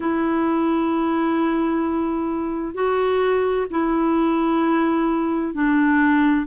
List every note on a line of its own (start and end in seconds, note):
0.00 2.74 E4
2.74 3.66 F#4
3.70 5.53 E4
5.53 6.46 D4